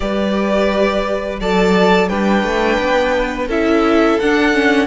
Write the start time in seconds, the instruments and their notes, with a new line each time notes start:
0.00 cello G3, viola G4, violin B4 D5
1.40 cello F#3, viola A4, violin D5 A5
2.08 cello G3, viola D4, violin B4 G5
2.43 cello A3
2.78 cello B3
3.47 cello C#4, viola E4, violin A4 E5
4.19 cello D4, viola D4, violin F#5
4.53 viola C#4